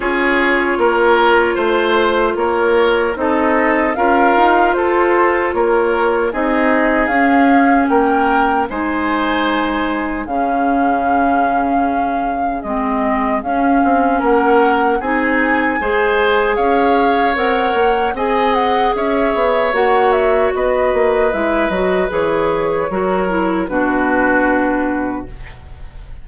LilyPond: <<
  \new Staff \with { instrumentName = "flute" } { \time 4/4 \tempo 4 = 76 cis''2 c''4 cis''4 | dis''4 f''4 c''4 cis''4 | dis''4 f''4 g''4 gis''4~ | gis''4 f''2. |
dis''4 f''4 fis''4 gis''4~ | gis''4 f''4 fis''4 gis''8 fis''8 | e''4 fis''8 e''8 dis''4 e''8 dis''8 | cis''2 b'2 | }
  \new Staff \with { instrumentName = "oboe" } { \time 4/4 gis'4 ais'4 c''4 ais'4 | a'4 ais'4 a'4 ais'4 | gis'2 ais'4 c''4~ | c''4 gis'2.~ |
gis'2 ais'4 gis'4 | c''4 cis''2 dis''4 | cis''2 b'2~ | b'4 ais'4 fis'2 | }
  \new Staff \with { instrumentName = "clarinet" } { \time 4/4 f'1 | dis'4 f'2. | dis'4 cis'2 dis'4~ | dis'4 cis'2. |
c'4 cis'2 dis'4 | gis'2 ais'4 gis'4~ | gis'4 fis'2 e'8 fis'8 | gis'4 fis'8 e'8 d'2 | }
  \new Staff \with { instrumentName = "bassoon" } { \time 4/4 cis'4 ais4 a4 ais4 | c'4 cis'8 dis'8 f'4 ais4 | c'4 cis'4 ais4 gis4~ | gis4 cis2. |
gis4 cis'8 c'8 ais4 c'4 | gis4 cis'4 c'8 ais8 c'4 | cis'8 b8 ais4 b8 ais8 gis8 fis8 | e4 fis4 b,2 | }
>>